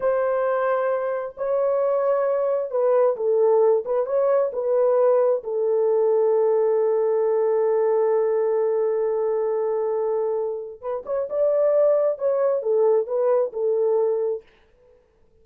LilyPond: \new Staff \with { instrumentName = "horn" } { \time 4/4 \tempo 4 = 133 c''2. cis''4~ | cis''2 b'4 a'4~ | a'8 b'8 cis''4 b'2 | a'1~ |
a'1~ | a'1 | b'8 cis''8 d''2 cis''4 | a'4 b'4 a'2 | }